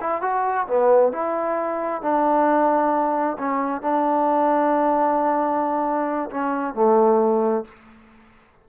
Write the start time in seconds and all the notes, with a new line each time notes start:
0.00 E4
0.21 F#4
0.67 B3
1.12 E4
2.02 D4
3.38 C#4
3.81 D4
6.30 C#4
6.74 A3